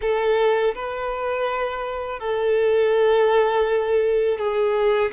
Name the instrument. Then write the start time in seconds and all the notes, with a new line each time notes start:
violin
0.01 A4
0.75 B4
2.19 A4
4.38 G#4